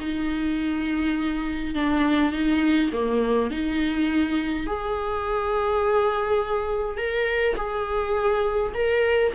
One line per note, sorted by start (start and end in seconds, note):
0.00 1.75 D#4
1.75 2.32 D4
2.32 2.91 D#4
2.93 3.51 A#3
3.51 4.67 D#4
4.67 6.98 G#4
6.98 7.56 A#4
7.56 8.73 G#4
8.75 9.33 A#4